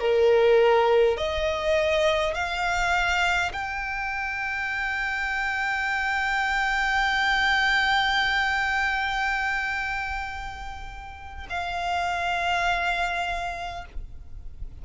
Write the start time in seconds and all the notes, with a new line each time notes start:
0.00 A#4
1.17 D#5
2.34 F5
3.52 G5
11.50 F5